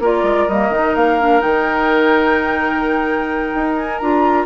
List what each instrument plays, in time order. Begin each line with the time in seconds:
0.00 bassoon A#3, clarinet F4, oboe A#4, flute D5
0.23 bassoon G#3
0.48 bassoon G3, clarinet A#3, flute D#5
0.70 bassoon D#3, clarinet D#4
0.96 bassoon A#3, flute F5
1.21 clarinet D4
1.40 bassoon D#3, clarinet D#4, flute G5
3.55 bassoon D#4
3.77 flute G#5
3.99 bassoon D4, clarinet F4, flute A#5